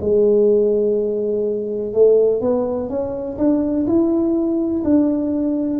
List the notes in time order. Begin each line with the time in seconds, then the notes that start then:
0.00 G#3
1.93 A3
2.41 B3
2.89 C#4
3.38 D4
3.86 E4
4.84 D4